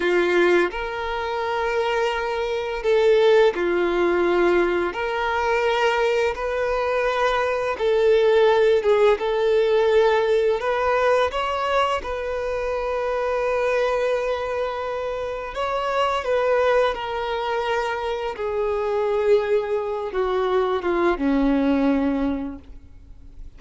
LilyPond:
\new Staff \with { instrumentName = "violin" } { \time 4/4 \tempo 4 = 85 f'4 ais'2. | a'4 f'2 ais'4~ | ais'4 b'2 a'4~ | a'8 gis'8 a'2 b'4 |
cis''4 b'2.~ | b'2 cis''4 b'4 | ais'2 gis'2~ | gis'8 fis'4 f'8 cis'2 | }